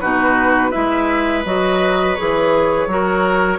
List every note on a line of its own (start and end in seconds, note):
0.00 0.74 B2
0.00 0.71 D#4
0.00 0.70 F#4
0.00 0.71 B4
0.70 1.45 G#3
0.70 1.44 E4
0.70 2.87 B4
0.70 1.44 E5
1.45 2.17 F#3
1.45 2.16 F#4
1.45 2.15 D#5
2.15 2.87 E3
2.15 2.89 G#4
2.15 3.58 C#5
2.87 3.58 F#3
2.87 3.58 F#4
2.87 3.58 A#4